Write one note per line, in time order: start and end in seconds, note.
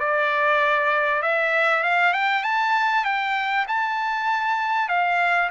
0.00 1.22 D5
1.22 1.84 E5
1.84 2.14 F5
2.14 2.44 G5
2.44 3.05 A5
3.05 3.66 G5
3.68 4.89 A5
4.89 5.50 F5